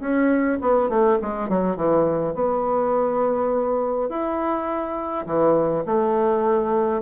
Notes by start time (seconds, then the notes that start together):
0.00 C#4
0.61 B3
0.89 A3
1.22 G#3
1.49 F#3
1.77 E3
2.35 B3
4.09 E4
5.26 E3
5.86 A3